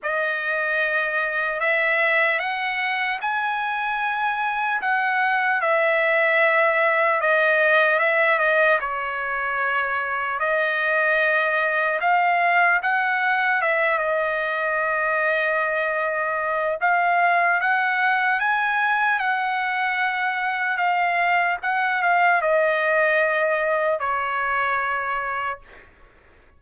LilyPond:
\new Staff \with { instrumentName = "trumpet" } { \time 4/4 \tempo 4 = 75 dis''2 e''4 fis''4 | gis''2 fis''4 e''4~ | e''4 dis''4 e''8 dis''8 cis''4~ | cis''4 dis''2 f''4 |
fis''4 e''8 dis''2~ dis''8~ | dis''4 f''4 fis''4 gis''4 | fis''2 f''4 fis''8 f''8 | dis''2 cis''2 | }